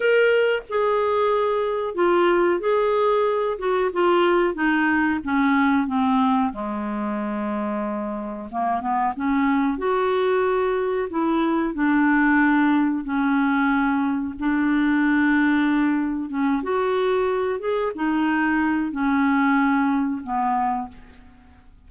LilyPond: \new Staff \with { instrumentName = "clarinet" } { \time 4/4 \tempo 4 = 92 ais'4 gis'2 f'4 | gis'4. fis'8 f'4 dis'4 | cis'4 c'4 gis2~ | gis4 ais8 b8 cis'4 fis'4~ |
fis'4 e'4 d'2 | cis'2 d'2~ | d'4 cis'8 fis'4. gis'8 dis'8~ | dis'4 cis'2 b4 | }